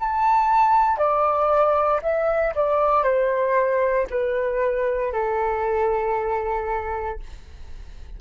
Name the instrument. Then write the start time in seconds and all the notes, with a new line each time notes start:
flute
0.00 A5
0.97 D5
2.02 E5
2.55 D5
3.04 C5
4.10 B4
5.13 A4